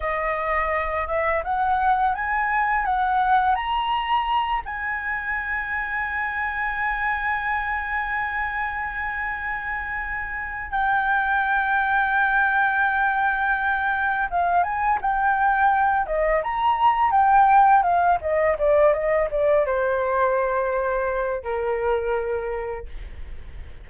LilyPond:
\new Staff \with { instrumentName = "flute" } { \time 4/4 \tempo 4 = 84 dis''4. e''8 fis''4 gis''4 | fis''4 ais''4. gis''4.~ | gis''1~ | gis''2. g''4~ |
g''1 | f''8 gis''8 g''4. dis''8 ais''4 | g''4 f''8 dis''8 d''8 dis''8 d''8 c''8~ | c''2 ais'2 | }